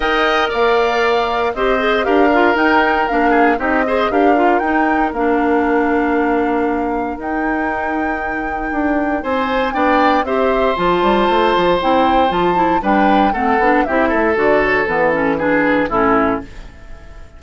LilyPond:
<<
  \new Staff \with { instrumentName = "flute" } { \time 4/4 \tempo 4 = 117 g''4 f''2 dis''4 | f''4 g''4 f''4 dis''4 | f''4 g''4 f''2~ | f''2 g''2~ |
g''2 gis''4 g''4 | e''4 a''2 g''4 | a''4 g''4 fis''4 e''4 | d''8 cis''8 b'8 a'8 b'4 a'4 | }
  \new Staff \with { instrumentName = "oboe" } { \time 4/4 dis''4 d''2 c''4 | ais'2~ ais'8 gis'8 g'8 c''8 | ais'1~ | ais'1~ |
ais'2 c''4 d''4 | c''1~ | c''4 b'4 a'4 g'8 a'8~ | a'2 gis'4 e'4 | }
  \new Staff \with { instrumentName = "clarinet" } { \time 4/4 ais'2. g'8 gis'8 | g'8 f'8 dis'4 d'4 dis'8 gis'8 | g'8 f'8 dis'4 d'2~ | d'2 dis'2~ |
dis'2. d'4 | g'4 f'2 e'4 | f'8 e'8 d'4 c'8 d'8 e'4 | fis'4 b8 cis'8 d'4 cis'4 | }
  \new Staff \with { instrumentName = "bassoon" } { \time 4/4 dis'4 ais2 c'4 | d'4 dis'4 ais4 c'4 | d'4 dis'4 ais2~ | ais2 dis'2~ |
dis'4 d'4 c'4 b4 | c'4 f8 g8 a8 f8 c'4 | f4 g4 a8 b8 c'8 a8 | d4 e2 a,4 | }
>>